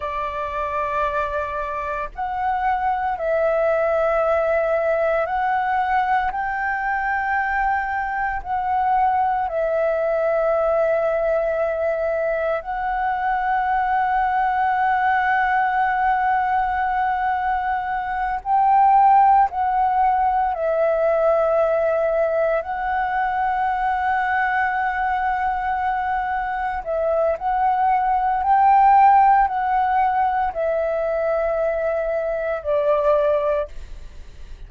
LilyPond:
\new Staff \with { instrumentName = "flute" } { \time 4/4 \tempo 4 = 57 d''2 fis''4 e''4~ | e''4 fis''4 g''2 | fis''4 e''2. | fis''1~ |
fis''4. g''4 fis''4 e''8~ | e''4. fis''2~ fis''8~ | fis''4. e''8 fis''4 g''4 | fis''4 e''2 d''4 | }